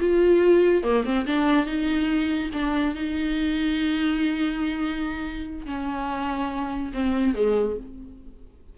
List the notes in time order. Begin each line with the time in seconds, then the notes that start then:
0.00 F4
0.83 A#3
1.05 C4
1.27 D4
1.66 D#4
2.53 D4
2.95 D#4
5.66 C#4
6.93 C4
7.35 G#3